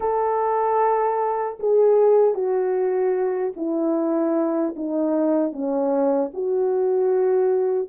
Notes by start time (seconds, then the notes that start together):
0.00 A4
1.59 G#4
2.34 F#4
3.56 E4
4.75 D#4
5.52 C#4
6.33 F#4